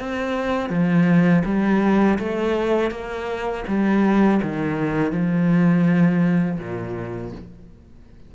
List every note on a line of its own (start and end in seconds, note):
0.00 0.70 C4
0.70 1.43 F3
1.45 2.19 G3
2.19 2.91 A3
2.91 3.64 A#3
3.68 4.41 G3
4.43 5.13 D#3
5.13 6.59 F3
6.59 7.32 A#2